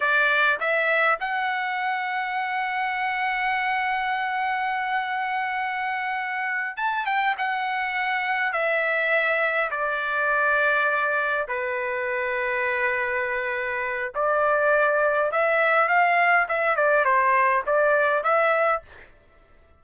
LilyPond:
\new Staff \with { instrumentName = "trumpet" } { \time 4/4 \tempo 4 = 102 d''4 e''4 fis''2~ | fis''1~ | fis''2.~ fis''8 a''8 | g''8 fis''2 e''4.~ |
e''8 d''2. b'8~ | b'1 | d''2 e''4 f''4 | e''8 d''8 c''4 d''4 e''4 | }